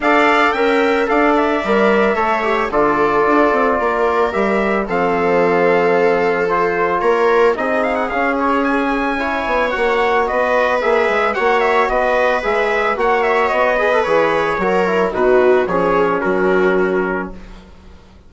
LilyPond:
<<
  \new Staff \with { instrumentName = "trumpet" } { \time 4/4 \tempo 4 = 111 f''4 g''4 f''8 e''4.~ | e''4 d''2. | e''4 f''2. | c''4 cis''4 dis''8 f''16 fis''16 f''8 cis''8 |
gis''2 fis''4 dis''4 | e''4 fis''8 e''8 dis''4 e''4 | fis''8 e''8 dis''4 cis''2 | b'4 cis''4 ais'2 | }
  \new Staff \with { instrumentName = "viola" } { \time 4/4 d''4 e''4 d''2 | cis''4 a'2 ais'4~ | ais'4 a'2.~ | a'4 ais'4 gis'2~ |
gis'4 cis''2 b'4~ | b'4 cis''4 b'2 | cis''4. b'4. ais'4 | fis'4 gis'4 fis'2 | }
  \new Staff \with { instrumentName = "trombone" } { \time 4/4 a'4 ais'4 a'4 ais'4 | a'8 g'8 f'2. | g'4 c'2. | f'2 dis'4 cis'4~ |
cis'4 e'4 fis'2 | gis'4 fis'2 gis'4 | fis'4. gis'16 a'16 gis'4 fis'8 e'8 | dis'4 cis'2. | }
  \new Staff \with { instrumentName = "bassoon" } { \time 4/4 d'4 cis'4 d'4 g4 | a4 d4 d'8 c'8 ais4 | g4 f2.~ | f4 ais4 c'4 cis'4~ |
cis'4. b8 ais4 b4 | ais8 gis8 ais4 b4 gis4 | ais4 b4 e4 fis4 | b,4 f4 fis2 | }
>>